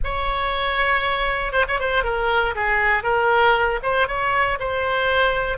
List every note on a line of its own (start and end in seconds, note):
0.04 1.52 C#5
1.52 1.65 C5
1.68 1.79 C#5
1.79 2.03 C5
2.03 2.54 A#4
2.55 3.03 G#4
3.03 3.79 A#4
3.82 4.07 C5
4.07 4.58 C#5
4.59 5.57 C5